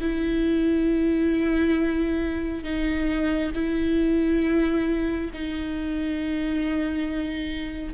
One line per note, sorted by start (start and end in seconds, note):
0.00 2.63 E4
2.63 3.51 D#4
3.54 5.31 E4
5.33 7.93 D#4